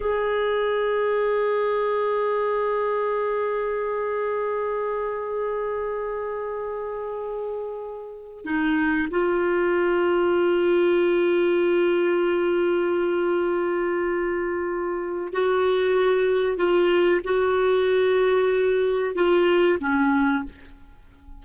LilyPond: \new Staff \with { instrumentName = "clarinet" } { \time 4/4 \tempo 4 = 94 gis'1~ | gis'1~ | gis'1~ | gis'4~ gis'16 dis'4 f'4.~ f'16~ |
f'1~ | f'1 | fis'2 f'4 fis'4~ | fis'2 f'4 cis'4 | }